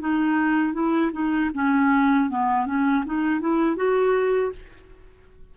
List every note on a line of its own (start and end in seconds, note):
0.00 0.73 D#4
0.73 1.11 E4
1.12 1.50 D#4
1.54 2.30 C#4
2.30 2.66 B3
2.66 3.04 C#4
3.06 3.40 D#4
3.40 3.76 E4
3.76 4.52 F#4